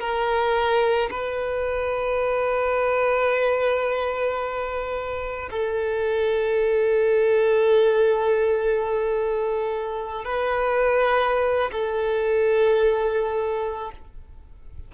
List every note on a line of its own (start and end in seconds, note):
0.00 1.10 A#4
1.11 5.50 B4
5.51 10.25 A4
10.25 11.71 B4
11.72 13.92 A4